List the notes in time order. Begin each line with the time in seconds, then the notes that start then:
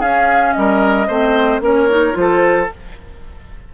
0.00 C#4 G#4 F5
0.53 G3 A#4 D#5
1.08 A3 C4 C5
1.60 A#3 C#4 A#4 C#5
1.90 D#4
2.13 F3 F4 C5
2.21 A4